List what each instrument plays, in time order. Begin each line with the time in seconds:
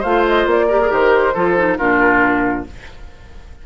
0.00 bassoon A3, clarinet F4, oboe C5, flute F5
0.28 flute D#5
0.46 bassoon A#3, flute D5
0.68 clarinet G4, oboe A#4
0.81 clarinet G#4
0.89 bassoon D#3, clarinet G4, flute C5
1.34 bassoon F3, clarinet F4, oboe A4
1.57 clarinet D#4
1.77 bassoon A#2, clarinet D4, oboe F4, flute A#4